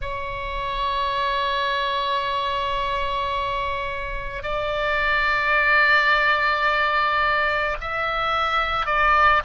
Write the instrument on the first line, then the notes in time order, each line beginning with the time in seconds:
oboe
0.01 C#5
4.42 D5
7.80 E5
8.86 D5